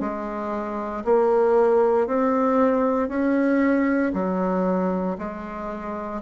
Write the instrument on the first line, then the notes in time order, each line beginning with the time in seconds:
bassoon
0.00 G#3
1.04 A#3
2.07 C4
3.08 C#4
4.13 F#3
5.18 G#3